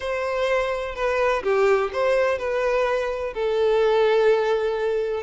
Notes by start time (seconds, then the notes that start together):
0.00 C5
0.95 B4
1.43 G4
1.92 C5
2.38 B4
3.33 A4